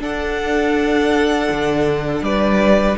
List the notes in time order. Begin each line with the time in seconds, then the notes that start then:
0.00 D4 A4 F#5
1.51 D3
2.22 G3 B4 D5